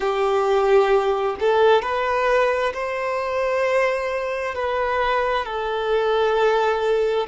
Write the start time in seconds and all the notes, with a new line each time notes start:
0.00 G4
1.40 A4
1.82 B4
2.73 C5
4.55 B4
5.45 A4